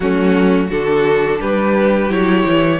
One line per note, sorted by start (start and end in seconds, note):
0.00 0.70 F#3
0.00 0.70 A3
0.00 0.67 C#4
0.00 0.69 F#4
0.67 1.40 D3
0.67 2.09 D4
0.67 1.38 F#4
0.67 1.41 A4
1.40 2.09 G3
1.40 2.80 G4
1.40 2.11 B4
2.09 2.44 F#3
2.09 2.80 E4
2.09 2.80 C#5
2.45 2.80 E3